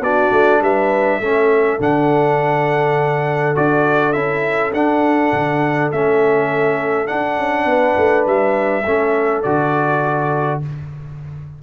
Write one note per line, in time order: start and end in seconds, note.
0.00 0.29 B3
0.00 1.21 D4
0.00 0.61 F#4
0.00 0.61 D5
0.32 0.60 A3
0.60 1.19 G3
0.60 1.21 B4
0.60 1.80 E5
1.20 1.79 A3
1.20 1.79 C#4
1.20 7.67 A4
1.79 3.56 D3
1.79 3.55 D4
1.79 3.56 F#5
3.55 4.15 D4
3.55 4.13 F#4
3.55 4.12 D5
4.12 4.73 C#4
4.12 4.73 E4
4.12 4.71 E5
4.73 5.32 D4
4.73 5.93 D4
4.73 5.91 F#5
5.32 5.91 D3
5.91 7.09 A3
5.91 7.06 C#4
5.91 7.07 E5
7.06 8.83 D4
7.06 7.38 D4
7.06 8.24 F#5
7.38 7.65 C#4
7.65 7.95 B3
7.65 8.84 B4
7.97 8.26 A3
8.26 8.85 G3
8.26 9.42 E5
8.84 9.44 A3
8.84 9.44 C#4
8.84 10.60 A4
9.42 10.62 D3
9.42 10.62 F#4
9.42 10.60 D5